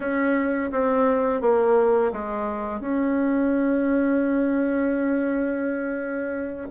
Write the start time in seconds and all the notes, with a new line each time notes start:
0.00 C#4
0.71 C4
1.41 A#3
2.12 G#3
2.80 C#4